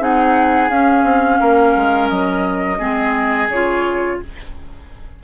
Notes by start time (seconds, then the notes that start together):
0.00 C4 D#4 G#4 F#5
0.69 C#4 F5
1.04 C4
1.40 A#3 A#4
1.76 G#3
2.09 F#3 D#5
2.79 G#3 C4 G#4
3.49 C#3 F4 C#5